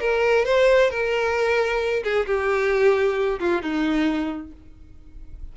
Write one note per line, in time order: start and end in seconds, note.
0.00 0.45 A#4
0.45 0.90 C5
0.90 2.03 A#4
2.04 2.26 G#4
2.26 3.39 G4
3.40 3.62 F4
3.62 4.52 D#4